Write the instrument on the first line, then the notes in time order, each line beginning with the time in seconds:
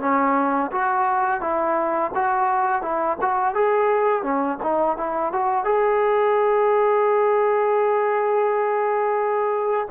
trombone
0.00 C#4
0.72 F#4
1.41 E4
2.15 F#4
2.82 E4
3.21 F#4
3.54 G#4
4.22 C#4
4.62 D#4
4.97 E4
5.32 F#4
5.64 G#4